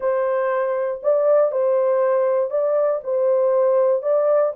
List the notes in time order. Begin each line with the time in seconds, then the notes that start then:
0.00 C5
1.02 D5
1.51 C5
2.50 D5
3.03 C5
4.02 D5